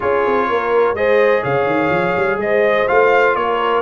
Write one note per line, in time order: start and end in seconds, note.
0.00 0.26 C#4
0.00 0.96 F4
0.00 0.47 G#4
0.00 0.95 C#5
0.26 0.49 C4
0.49 0.93 A#3
0.49 0.97 A#4
0.93 1.41 G#3
0.93 2.87 G#4
0.93 1.41 C5
0.93 1.43 D#5
1.41 1.65 C#3
1.41 2.37 C#5
1.41 2.40 F5
1.65 1.89 D#3
1.89 2.13 F3
2.16 2.36 G3
2.36 2.84 G#3
2.36 2.88 D#5
2.42 3.37 C5
2.87 3.35 A3
2.87 3.82 F4
2.87 3.35 F5
3.35 3.82 A#3
3.35 3.82 A#4
3.35 3.82 C#5